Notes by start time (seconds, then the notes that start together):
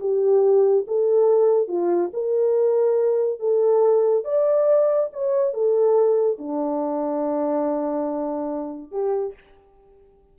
0.00 G4
0.87 A4
1.68 F4
2.13 A#4
3.40 A4
4.24 D5
5.13 C#5
5.53 A4
6.38 D4
8.91 G4